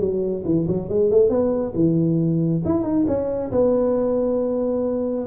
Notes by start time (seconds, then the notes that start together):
0.00 F#3
0.45 E3
0.68 F#3
0.89 G#3
1.11 A3
1.30 B3
1.75 E3
2.65 E4
2.84 D#4
3.08 C#4
3.52 B3